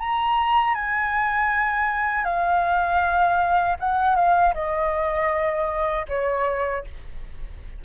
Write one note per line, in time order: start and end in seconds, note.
0.00 0.75 A#5
0.75 2.25 G#5
2.25 3.77 F5
3.80 4.16 F#5
4.16 4.54 F5
4.54 6.06 D#5
6.09 6.85 C#5